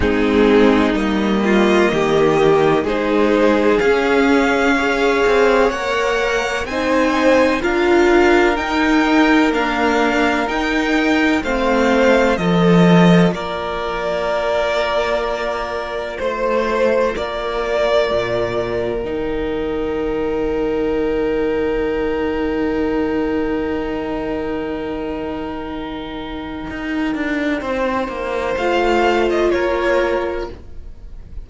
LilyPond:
<<
  \new Staff \with { instrumentName = "violin" } { \time 4/4 \tempo 4 = 63 gis'4 dis''2 c''4 | f''2 fis''4 gis''4 | f''4 g''4 f''4 g''4 | f''4 dis''4 d''2~ |
d''4 c''4 d''2 | g''1~ | g''1~ | g''2 f''8. dis''16 cis''4 | }
  \new Staff \with { instrumentName = "violin" } { \time 4/4 dis'4. f'8 g'4 gis'4~ | gis'4 cis''2 c''4 | ais'1 | c''4 a'4 ais'2~ |
ais'4 c''4 ais'2~ | ais'1~ | ais'1~ | ais'4 c''2 ais'4 | }
  \new Staff \with { instrumentName = "viola" } { \time 4/4 c'4 ais2 dis'4 | cis'4 gis'4 ais'4 dis'4 | f'4 dis'4 ais4 dis'4 | c'4 f'2.~ |
f'1 | dis'1~ | dis'1~ | dis'2 f'2 | }
  \new Staff \with { instrumentName = "cello" } { \time 4/4 gis4 g4 dis4 gis4 | cis'4. c'8 ais4 c'4 | d'4 dis'4 d'4 dis'4 | a4 f4 ais2~ |
ais4 a4 ais4 ais,4 | dis1~ | dis1 | dis'8 d'8 c'8 ais8 a4 ais4 | }
>>